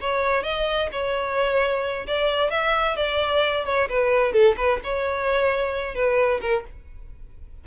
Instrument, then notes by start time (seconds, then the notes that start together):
violin
0.00 C#5
0.43 D#5
0.91 C#5
2.07 D5
2.50 E5
2.96 D5
3.65 C#5
3.89 B4
4.32 A4
4.57 B4
4.83 C#5
5.94 B4
6.41 A#4